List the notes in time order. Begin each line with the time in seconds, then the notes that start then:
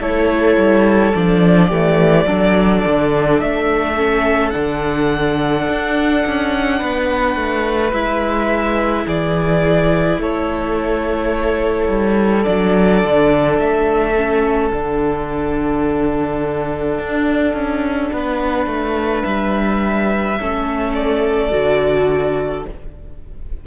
0.00 A3 E4 A4 C#5
0.57 G3
1.15 F3 D4 D5
1.68 E3 A3 G4
2.26 F#3 D4 A4
2.86 D3
3.40 A3 E5
3.97 C#4
4.50 D3 D4 F#5
5.68 D4
6.26 C#4
6.78 B3 B4
7.36 A3
7.93 G#3 E4 E5
9.06 E3 G#4 D5
10.18 A3 A4 C#5
11.88 G3
12.44 F#3 D4 D5
13.04 D3
13.59 A3 E5
14.16 C#4
14.72 D3 D4 F#5
16.99 D4
17.53 C#4
18.13 B3 B4
18.66 A3
19.23 G3 E5
20.39 A3 C#4 A4
20.94 D5
21.51 D3 F#4